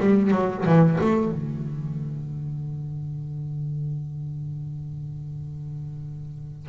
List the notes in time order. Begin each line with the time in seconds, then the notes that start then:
0.00 G3
0.32 F#3
0.66 E3
1.01 A3
1.32 D3